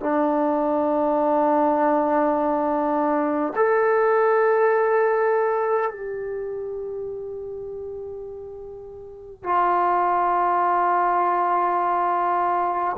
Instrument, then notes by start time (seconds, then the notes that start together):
trombone
0.00 D4
3.56 A4
5.90 G4
9.43 F4